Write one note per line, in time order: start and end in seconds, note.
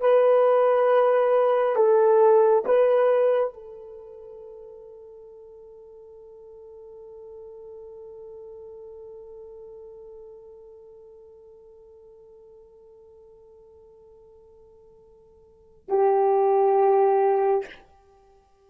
0.00 1.76 B4
1.76 2.64 A4
2.65 3.53 B4
3.54 15.88 A4
15.88 17.65 G4